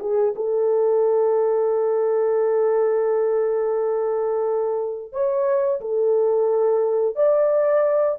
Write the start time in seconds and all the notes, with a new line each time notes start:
0.00 G#4
0.36 A4
5.13 C#5
5.81 A4
7.16 D5